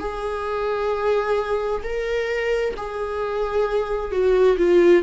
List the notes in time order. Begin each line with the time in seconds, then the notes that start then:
0.00 G#4
1.84 A#4
2.77 G#4
4.12 F#4
4.58 F4